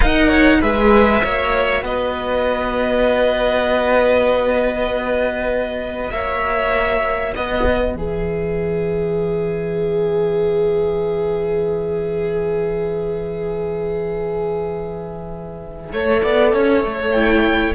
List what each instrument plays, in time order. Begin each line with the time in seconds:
0.00 cello D#4, viola A#4, violin D#5 F#5
0.28 violin C#5
0.61 cello G#3, viola G#4, violin B4 E5
1.22 cello A#3, viola F#4, violin C#5
1.82 cello B3, violin B4 D#5
6.11 cello A#3, violin C#5 E5
7.34 cello B3, violin B4 D#5
7.95 cello E3, viola G#4, violin E5
15.92 cello A3, viola A4, violin C#5
16.23 cello B3, violin D5
16.53 cello C#4, violin C#5
16.84 cello A3
17.11 viola E4, violin G5